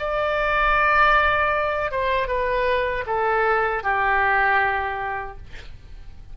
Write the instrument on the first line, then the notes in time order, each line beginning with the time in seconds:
oboe
0.00 D5
1.92 C5
2.28 B4
3.07 A4
3.84 G4